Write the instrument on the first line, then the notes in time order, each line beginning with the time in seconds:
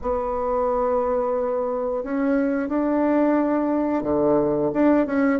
bassoon
0.01 B3
2.03 C#4
2.68 D4
4.03 D3
4.73 D4
5.06 C#4